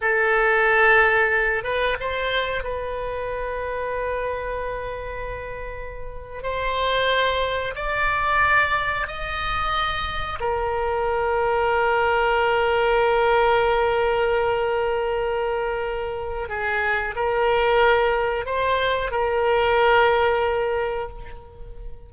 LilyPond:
\new Staff \with { instrumentName = "oboe" } { \time 4/4 \tempo 4 = 91 a'2~ a'8 b'8 c''4 | b'1~ | b'4.~ b'16 c''2 d''16~ | d''4.~ d''16 dis''2 ais'16~ |
ais'1~ | ais'1~ | ais'4 gis'4 ais'2 | c''4 ais'2. | }